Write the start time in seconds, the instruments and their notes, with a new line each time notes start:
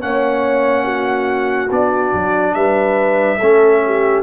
0.00 tuba A#3, trombone C#4, horn C#5, trumpet F#5
0.85 horn F#4
1.71 tuba B3, trombone D4, trumpet D5
2.14 tuba F#3
2.55 tuba G3, horn B4, trumpet E5
3.39 tuba A3, trombone C#4, horn A4
3.86 horn G4